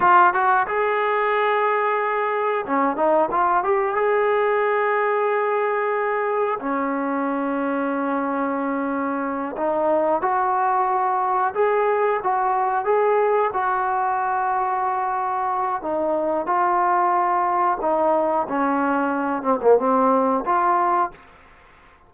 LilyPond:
\new Staff \with { instrumentName = "trombone" } { \time 4/4 \tempo 4 = 91 f'8 fis'8 gis'2. | cis'8 dis'8 f'8 g'8 gis'2~ | gis'2 cis'2~ | cis'2~ cis'8 dis'4 fis'8~ |
fis'4. gis'4 fis'4 gis'8~ | gis'8 fis'2.~ fis'8 | dis'4 f'2 dis'4 | cis'4. c'16 ais16 c'4 f'4 | }